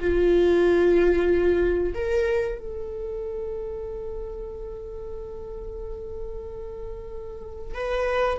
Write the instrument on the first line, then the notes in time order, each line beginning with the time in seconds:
viola
0.00 F4
1.94 A#4
2.58 A4
7.74 B4